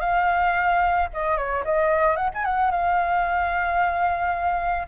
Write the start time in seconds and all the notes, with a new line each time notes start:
0.00 F5
1.13 D#5
1.37 C#5
1.64 D#5
2.16 F#5
2.34 G#5
2.44 F#5
2.71 F5